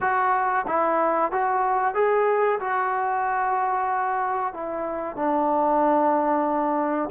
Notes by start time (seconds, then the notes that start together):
0.01 F#4
0.67 E4
1.31 F#4
1.94 G#4
2.60 F#4
4.53 E4
5.16 D4